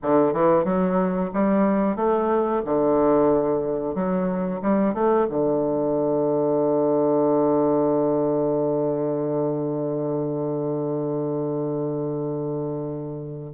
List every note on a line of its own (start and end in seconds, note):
0.02 0.33 D3
0.33 0.64 E3
0.64 1.30 F#3
1.33 1.96 G3
1.96 2.62 A3
2.65 3.94 D3
3.94 4.60 F#3
4.62 4.94 G3
4.94 5.27 A3
5.29 13.53 D3